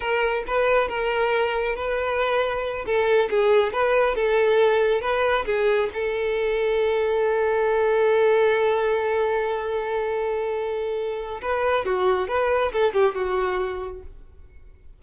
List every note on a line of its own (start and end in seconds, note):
0.00 0.44 A#4
0.47 0.88 B4
0.88 1.75 A#4
1.75 2.85 B4
2.85 3.29 A4
3.30 3.72 G#4
3.72 4.15 B4
4.15 5.01 A4
5.01 5.45 B4
5.45 5.89 G#4
5.93 11.41 A4
11.41 11.85 B4
11.85 12.28 F#4
12.28 12.71 B4
12.72 12.93 A4
12.93 13.14 G4
13.14 14.02 F#4